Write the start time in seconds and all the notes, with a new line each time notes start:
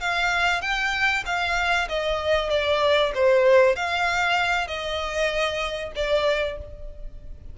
0.00 F5
0.61 G5
1.26 F5
1.89 D#5
2.50 D5
3.15 C5
3.76 F5
4.67 D#5
5.95 D5